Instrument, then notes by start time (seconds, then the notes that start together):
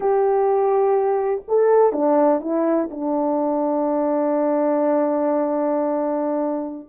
horn
0.00 G4
1.48 A4
1.92 D4
2.41 E4
2.91 D4